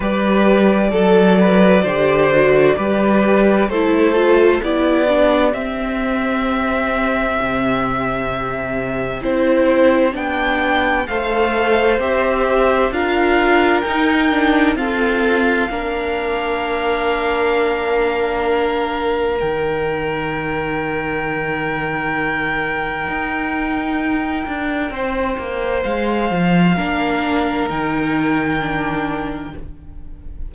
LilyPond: <<
  \new Staff \with { instrumentName = "violin" } { \time 4/4 \tempo 4 = 65 d''1 | c''4 d''4 e''2~ | e''2 c''4 g''4 | f''4 e''4 f''4 g''4 |
f''1~ | f''4 g''2.~ | g''1 | f''2 g''2 | }
  \new Staff \with { instrumentName = "violin" } { \time 4/4 b'4 a'8 b'8 c''4 b'4 | a'4 g'2.~ | g'1 | c''2 ais'2 |
a'4 ais'2.~ | ais'1~ | ais'2. c''4~ | c''4 ais'2. | }
  \new Staff \with { instrumentName = "viola" } { \time 4/4 g'4 a'4 g'8 fis'8 g'4 | e'8 f'8 e'8 d'8 c'2~ | c'2 e'4 d'4 | a'4 g'4 f'4 dis'8 d'8 |
c'4 d'2.~ | d'4 dis'2.~ | dis'1~ | dis'4 d'4 dis'4 d'4 | }
  \new Staff \with { instrumentName = "cello" } { \time 4/4 g4 fis4 d4 g4 | a4 b4 c'2 | c2 c'4 b4 | a4 c'4 d'4 dis'4 |
f'4 ais2.~ | ais4 dis2.~ | dis4 dis'4. d'8 c'8 ais8 | gis8 f8 ais4 dis2 | }
>>